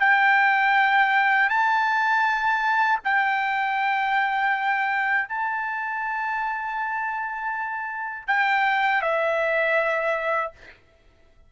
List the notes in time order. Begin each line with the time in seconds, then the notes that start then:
0.00 G5
1.49 A5
3.04 G5
5.28 A5
8.27 G5
9.02 E5